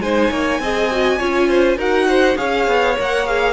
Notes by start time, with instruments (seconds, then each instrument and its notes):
0.00 cello G#3, viola D#4, violin C5 G#5
0.30 cello A#3, violin C#5
0.59 cello C4, viola G#4, violin D#5
0.91 viola F#4
1.18 cello C#4, viola F4, violin C#5
1.48 violin C5
1.76 cello D#4, viola F#4, violin A#4 F#5
2.08 violin C5
2.36 cello C#4, viola G#4, violin C#5 F5
2.67 cello B3
2.96 cello A#3, viola A#4, violin F#5
3.25 viola G#4, violin F5